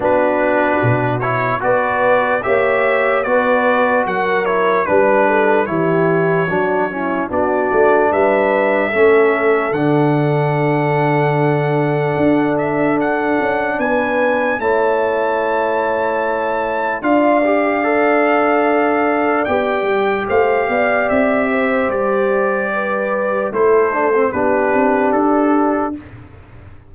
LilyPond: <<
  \new Staff \with { instrumentName = "trumpet" } { \time 4/4 \tempo 4 = 74 b'4. cis''8 d''4 e''4 | d''4 fis''8 cis''8 b'4 cis''4~ | cis''4 d''4 e''2 | fis''2.~ fis''8 e''8 |
fis''4 gis''4 a''2~ | a''4 f''2. | g''4 f''4 e''4 d''4~ | d''4 c''4 b'4 a'4 | }
  \new Staff \with { instrumentName = "horn" } { \time 4/4 fis'2 b'4 cis''4 | b'4 ais'4 b'8 a'8 g'4 | fis'8 e'8 fis'4 b'4 a'4~ | a'1~ |
a'4 b'4 cis''2~ | cis''4 d''2.~ | d''4 c''8 d''4 c''4. | b'4 a'4 g'2 | }
  \new Staff \with { instrumentName = "trombone" } { \time 4/4 d'4. e'8 fis'4 g'4 | fis'4. e'8 d'4 e'4 | d'8 cis'8 d'2 cis'4 | d'1~ |
d'2 e'2~ | e'4 f'8 g'8 a'2 | g'1~ | g'4 e'8 d'16 c'16 d'2 | }
  \new Staff \with { instrumentName = "tuba" } { \time 4/4 b4 b,4 b4 ais4 | b4 fis4 g4 e4 | fis4 b8 a8 g4 a4 | d2. d'4~ |
d'8 cis'8 b4 a2~ | a4 d'2. | b8 g8 a8 b8 c'4 g4~ | g4 a4 b8 c'8 d'4 | }
>>